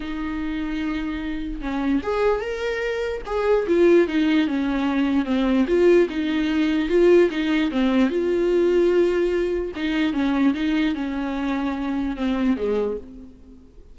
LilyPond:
\new Staff \with { instrumentName = "viola" } { \time 4/4 \tempo 4 = 148 dis'1 | cis'4 gis'4 ais'2 | gis'4 f'4 dis'4 cis'4~ | cis'4 c'4 f'4 dis'4~ |
dis'4 f'4 dis'4 c'4 | f'1 | dis'4 cis'4 dis'4 cis'4~ | cis'2 c'4 gis4 | }